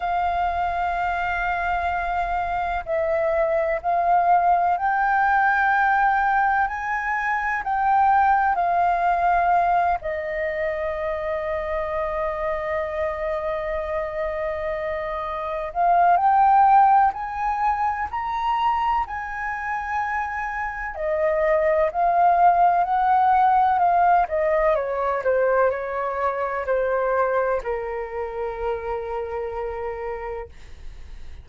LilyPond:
\new Staff \with { instrumentName = "flute" } { \time 4/4 \tempo 4 = 63 f''2. e''4 | f''4 g''2 gis''4 | g''4 f''4. dis''4.~ | dis''1~ |
dis''8 f''8 g''4 gis''4 ais''4 | gis''2 dis''4 f''4 | fis''4 f''8 dis''8 cis''8 c''8 cis''4 | c''4 ais'2. | }